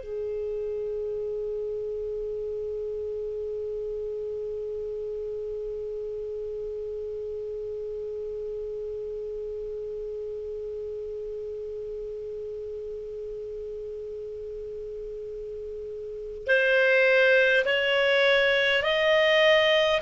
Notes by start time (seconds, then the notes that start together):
0.00 G#4
16.47 C5
17.65 C#5
18.83 D#5